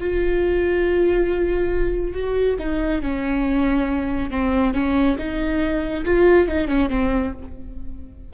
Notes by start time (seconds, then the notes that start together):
0.00 F4
2.14 F#4
2.59 D#4
3.02 C#4
4.31 C4
4.74 C#4
5.18 D#4
6.05 F4
6.48 D#4
6.68 C#4
6.90 C4